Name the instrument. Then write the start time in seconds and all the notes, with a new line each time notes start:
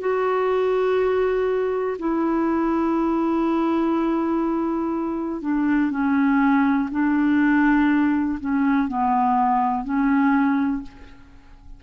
clarinet
0.00 F#4
1.99 E4
5.41 D4
5.91 C#4
6.91 D4
8.40 C#4
8.88 B3
9.84 C#4